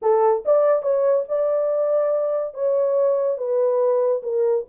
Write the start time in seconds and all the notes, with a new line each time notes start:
0.01 A4
0.45 D5
0.82 C#5
1.28 D5
2.54 C#5
3.37 B4
4.22 A#4